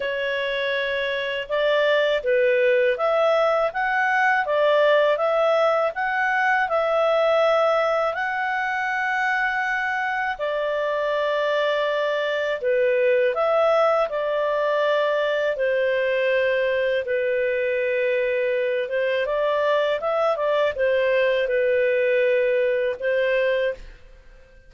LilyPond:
\new Staff \with { instrumentName = "clarinet" } { \time 4/4 \tempo 4 = 81 cis''2 d''4 b'4 | e''4 fis''4 d''4 e''4 | fis''4 e''2 fis''4~ | fis''2 d''2~ |
d''4 b'4 e''4 d''4~ | d''4 c''2 b'4~ | b'4. c''8 d''4 e''8 d''8 | c''4 b'2 c''4 | }